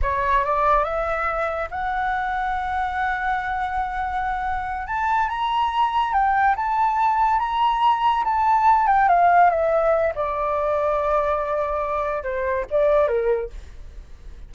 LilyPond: \new Staff \with { instrumentName = "flute" } { \time 4/4 \tempo 4 = 142 cis''4 d''4 e''2 | fis''1~ | fis''2.~ fis''8 a''8~ | a''8 ais''2 g''4 a''8~ |
a''4. ais''2 a''8~ | a''4 g''8 f''4 e''4. | d''1~ | d''4 c''4 d''4 ais'4 | }